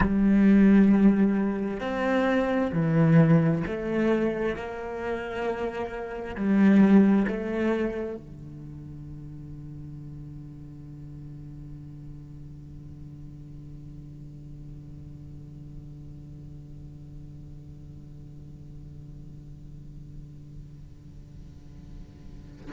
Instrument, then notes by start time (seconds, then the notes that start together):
cello
0.00 G3
1.80 C4
2.72 E3
3.67 A3
4.56 A#3
6.35 G3
7.27 A3
8.16 D3